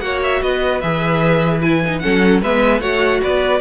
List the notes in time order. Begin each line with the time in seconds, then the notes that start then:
0.00 A#3 F#4 C#5 F#5
0.24 E5
0.42 B3 B4 D#5
0.81 E3 G#4 E5
1.62 E4 G#5
1.87 D#4
2.00 C#4 A4 F#5
2.06 F#3
2.42 G#3 B3 B4 E5
2.81 A3 F#4 C#5 F#5
3.22 B3 B4 D5